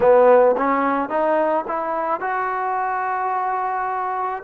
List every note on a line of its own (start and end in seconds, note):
0.00 0.55 B3
0.57 1.09 C#4
1.09 1.64 D#4
1.67 2.20 E4
2.20 4.42 F#4